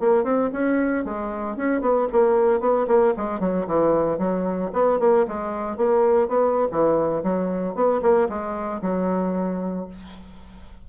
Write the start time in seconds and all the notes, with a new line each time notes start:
0.00 A#3
0.24 C4
0.53 C#4
1.05 G#3
1.57 C#4
1.81 B3
2.12 A#3
2.61 B3
2.88 A#3
3.17 G#3
3.40 F#3
3.67 E3
4.19 F#3
4.73 B3
5.00 A#3
5.28 G#3
5.77 A#3
6.28 B3
6.72 E3
7.23 F#3
7.75 B3
8.02 A#3
8.29 G#3
8.82 F#3